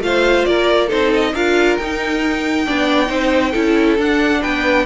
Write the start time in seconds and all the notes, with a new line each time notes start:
0.00 A3 F4 C5 F5
0.45 A#3 A#4 D5
0.88 C4 D#4 A4 C5
1.14 D#5
1.34 D4 F4 A#4 F5
1.77 D#4 G5
2.66 B3 D4 D5
3.07 C4 D#4 C5
3.52 C#4 E4 A4
3.98 D4 F#5
4.42 B3 B4 G5